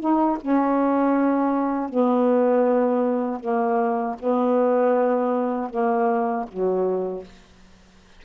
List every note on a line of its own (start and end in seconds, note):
0.00 0.38 D#4
0.41 1.89 C#4
1.89 3.40 B3
3.40 4.16 A#3
4.20 5.70 B3
5.70 6.46 A#3
6.48 7.24 F#3